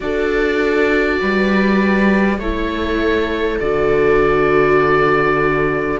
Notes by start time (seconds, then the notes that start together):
0.00 D4 F#4 A4 D5
1.20 G3 B4
2.38 A3 E4 A4 C#5
3.59 D3 F#4 D5